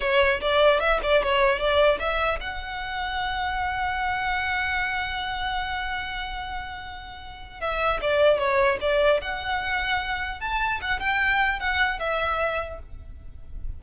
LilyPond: \new Staff \with { instrumentName = "violin" } { \time 4/4 \tempo 4 = 150 cis''4 d''4 e''8 d''8 cis''4 | d''4 e''4 fis''2~ | fis''1~ | fis''1~ |
fis''2. e''4 | d''4 cis''4 d''4 fis''4~ | fis''2 a''4 fis''8 g''8~ | g''4 fis''4 e''2 | }